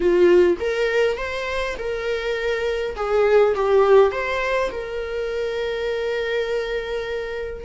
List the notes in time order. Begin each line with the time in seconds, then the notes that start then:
0.00 F4
0.59 A#4
1.17 C5
1.78 A#4
2.96 G#4
3.55 G4
4.11 C5
4.71 A#4